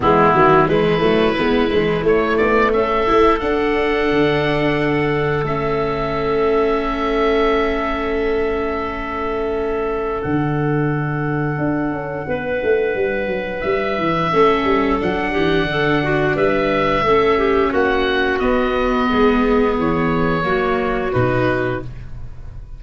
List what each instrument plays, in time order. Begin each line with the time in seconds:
0.00 tuba E3, viola G#3, clarinet B3, oboe E4
0.35 tuba D#3, viola F#3
0.67 tuba E3, viola G#3, clarinet E4, oboe B4
1.00 tuba F#3, viola A3
1.37 tuba G#3, viola B3
1.70 tuba E3, viola G#3
2.02 tuba A3, viola A3, oboe C#5
2.37 tuba B3, oboe D5
2.73 tuba C#4, clarinet A4, oboe E5
3.06 tuba A3, viola E4
3.39 viola D4, tuba D4, oboe F#5
4.11 tuba D3
5.43 tuba A3, viola C#4, oboe E5
10.22 tuba D3, viola D4, oboe F#5
11.58 tuba D4
11.91 tuba C#4
12.27 tuba B3, clarinet B4
12.63 tuba A3
12.95 tuba G3
13.26 tuba F#3
13.60 tuba G3, oboe E5
13.98 tuba E3
14.32 tuba A3, viola C#4, clarinet A4
14.64 tuba G3
14.99 tuba F#3, viola D4, oboe F#5
15.31 tuba E3, clarinet G4
15.64 tuba D3, clarinet A4
16.03 clarinet F#4
16.35 tuba G3, clarinet B4, oboe E5
17.02 tuba A3, viola C#4, clarinet A4
17.38 clarinet G4
17.70 tuba A#3, clarinet F#4, oboe F#5
18.39 viola B3, tuba B3, oboe D#5
19.09 tuba G#3, clarinet G#4
19.78 tuba E3, oboe C#5
20.42 tuba F#3, viola A#3, clarinet F#4
21.12 tuba B2, viola D#4, oboe B4